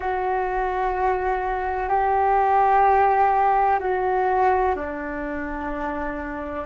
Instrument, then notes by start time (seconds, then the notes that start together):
flute
0.00 F#4
1.88 G4
3.79 F#4
4.75 D4